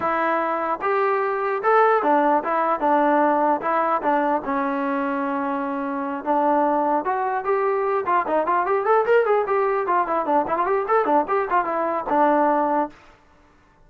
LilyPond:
\new Staff \with { instrumentName = "trombone" } { \time 4/4 \tempo 4 = 149 e'2 g'2 | a'4 d'4 e'4 d'4~ | d'4 e'4 d'4 cis'4~ | cis'2.~ cis'8 d'8~ |
d'4. fis'4 g'4. | f'8 dis'8 f'8 g'8 a'8 ais'8 gis'8 g'8~ | g'8 f'8 e'8 d'8 e'16 f'16 g'8 a'8 d'8 | g'8 f'8 e'4 d'2 | }